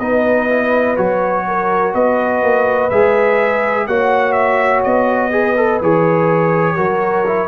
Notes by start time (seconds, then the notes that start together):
0.00 B3 D#4 B4 D#5
0.49 E4
0.97 F#3 F#4 C#5
1.48 A#4
1.94 B3 B4 D#5
2.43 A#3
2.90 G#3 G#4 E5
3.87 A#3 F#4 C#5 F#5
4.33 E5
4.84 B3 D#5
5.32 G#4 B4
5.57 A4
5.82 E3 G#4 C#5
6.76 F#3 F#4 A#4
7.27 E4